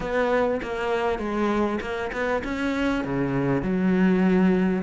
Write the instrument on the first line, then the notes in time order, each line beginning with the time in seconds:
cello
0.00 B3
0.62 A#3
1.18 G#3
1.80 A#3
2.12 B3
2.44 C#4
3.04 C#3
3.62 F#3